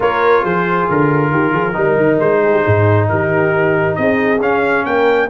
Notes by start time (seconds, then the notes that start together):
0.00 A#3 F4 A#4 C#5
0.43 F3 G#4 C5
0.90 D3 A#4
1.31 D#3 G4
1.52 F3 G#4
1.73 G3 D#4 A#4
1.97 D#3
2.19 G#3 C5
2.43 G#4
2.51 G4
2.65 G#2 G#4
3.08 D#3 G4 A#4
3.95 C4 G#4 D#5
4.40 C#4 F5
4.85 A#3 A#4 G5